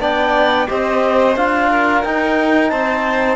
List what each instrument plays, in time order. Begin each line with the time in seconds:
0.00 cello B3, trombone D4, violin D5, clarinet G5
0.67 cello C4, trombone G4, violin C5, clarinet D#5
1.36 cello D4, trombone F4, clarinet F5
1.71 violin A#4
2.04 trombone D#4, cello D#4, clarinet G5
2.70 cello C4, violin C5, clarinet A5